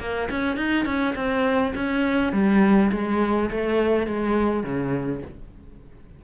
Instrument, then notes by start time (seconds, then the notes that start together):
cello
0.00 A#3
0.31 C#4
0.57 D#4
0.86 C#4
1.16 C4
1.75 C#4
2.33 G3
2.92 G#3
3.51 A3
4.07 G#3
4.64 C#3